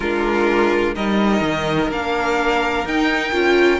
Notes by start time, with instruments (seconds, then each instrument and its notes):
0.00 cello G#3, viola D4, violin F4 A#4
0.95 cello G3, viola D#4, violin A#4 D#5
1.40 cello D#3
1.89 cello A#3, viola D4, violin F5
2.84 cello D#4, viola D#4, violin G5
3.32 cello C#4, viola F4